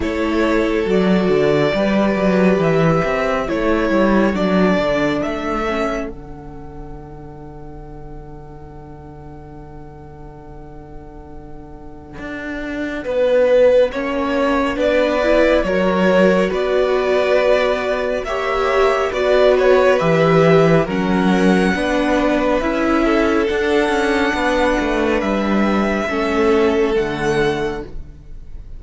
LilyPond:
<<
  \new Staff \with { instrumentName = "violin" } { \time 4/4 \tempo 4 = 69 cis''4 d''2 e''4 | cis''4 d''4 e''4 fis''4~ | fis''1~ | fis''1~ |
fis''4 d''4 cis''4 d''4~ | d''4 e''4 d''8 cis''8 e''4 | fis''2 e''4 fis''4~ | fis''4 e''2 fis''4 | }
  \new Staff \with { instrumentName = "violin" } { \time 4/4 a'2 b'2 | a'1~ | a'1~ | a'2. b'4 |
cis''4 b'4 ais'4 b'4~ | b'4 cis''4 b'2 | ais'4 b'4. a'4. | b'2 a'2 | }
  \new Staff \with { instrumentName = "viola" } { \time 4/4 e'4 fis'4 g'2 | e'4 d'4. cis'8 d'4~ | d'1~ | d'1 |
cis'4 d'8 e'8 fis'2~ | fis'4 g'4 fis'4 g'4 | cis'4 d'4 e'4 d'4~ | d'2 cis'4 a4 | }
  \new Staff \with { instrumentName = "cello" } { \time 4/4 a4 fis8 d8 g8 fis8 e8 c'8 | a8 g8 fis8 d8 a4 d4~ | d1~ | d2 d'4 b4 |
ais4 b4 fis4 b4~ | b4 ais4 b4 e4 | fis4 b4 cis'4 d'8 cis'8 | b8 a8 g4 a4 d4 | }
>>